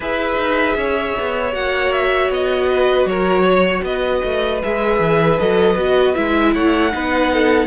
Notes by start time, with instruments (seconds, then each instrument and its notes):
0.00 cello E4, viola G#4, violin B4 E5
0.36 cello D#4
0.75 cello C#4, violin C#5
1.19 cello B3
1.52 cello A#3, viola F#4, violin F#5
1.92 violin E5
2.29 cello B3, violin D#5
2.70 violin B4
3.04 cello F#3, violin A#4 C#5
3.43 violin C#5
3.82 cello B3, violin B4 D#5
4.24 cello A3
4.62 cello G#3, viola G#4, violin E5
4.99 cello E3
5.38 cello F#3, viola A4, violin D#5
5.75 cello B3, viola F#4
6.14 cello G#3, viola E4, violin E5
6.54 cello A3, violin C#5 F#5
6.91 cello B3, viola D#4, violin B4
7.33 violin A4